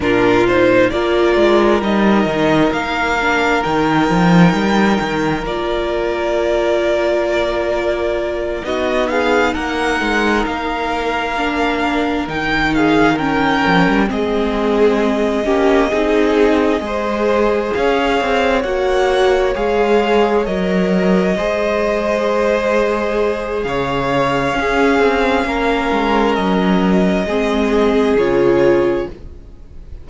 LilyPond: <<
  \new Staff \with { instrumentName = "violin" } { \time 4/4 \tempo 4 = 66 ais'8 c''8 d''4 dis''4 f''4 | g''2 d''2~ | d''4. dis''8 f''8 fis''4 f''8~ | f''4. g''8 f''8 g''4 dis''8~ |
dis''2.~ dis''8 f''8~ | f''8 fis''4 f''4 dis''4.~ | dis''2 f''2~ | f''4 dis''2 cis''4 | }
  \new Staff \with { instrumentName = "violin" } { \time 4/4 f'4 ais'2.~ | ais'1~ | ais'4. fis'8 gis'8 ais'4.~ | ais'2 gis'8 ais'4 gis'8~ |
gis'4 g'8 gis'4 c''4 cis''8~ | cis''2.~ cis''8 c''8~ | c''2 cis''4 gis'4 | ais'2 gis'2 | }
  \new Staff \with { instrumentName = "viola" } { \time 4/4 d'8 dis'8 f'4 dis'4. d'8 | dis'2 f'2~ | f'4. dis'2~ dis'8~ | dis'8 d'4 dis'4 cis'4 c'8~ |
c'4 cis'8 dis'4 gis'4.~ | gis'8 fis'4 gis'4 ais'4 gis'8~ | gis'2. cis'4~ | cis'2 c'4 f'4 | }
  \new Staff \with { instrumentName = "cello" } { \time 4/4 ais,4 ais8 gis8 g8 dis8 ais4 | dis8 f8 g8 dis8 ais2~ | ais4. b4 ais8 gis8 ais8~ | ais4. dis4. f16 g16 gis8~ |
gis4 ais8 c'4 gis4 cis'8 | c'8 ais4 gis4 fis4 gis8~ | gis2 cis4 cis'8 c'8 | ais8 gis8 fis4 gis4 cis4 | }
>>